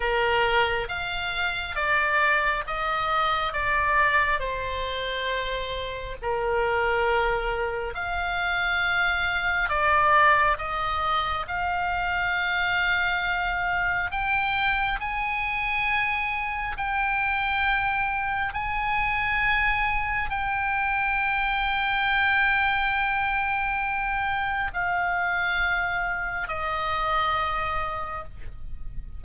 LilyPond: \new Staff \with { instrumentName = "oboe" } { \time 4/4 \tempo 4 = 68 ais'4 f''4 d''4 dis''4 | d''4 c''2 ais'4~ | ais'4 f''2 d''4 | dis''4 f''2. |
g''4 gis''2 g''4~ | g''4 gis''2 g''4~ | g''1 | f''2 dis''2 | }